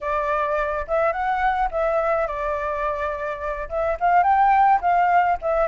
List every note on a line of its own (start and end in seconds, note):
0.01 0.85 D5
0.87 1.12 E5
1.12 1.69 F#5
1.71 2.27 E5
2.27 3.68 D5
3.69 3.97 E5
4.00 4.23 F5
4.23 4.80 G5
4.81 5.37 F5
5.41 5.67 E5